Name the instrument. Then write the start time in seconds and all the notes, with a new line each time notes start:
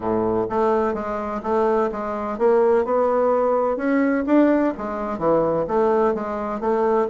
bassoon
0.00 A2
0.49 A3
0.93 G#3
1.43 A3
1.91 G#3
2.38 A#3
2.85 B3
3.77 C#4
4.26 D4
4.77 G#3
5.18 E3
5.67 A3
6.14 G#3
6.60 A3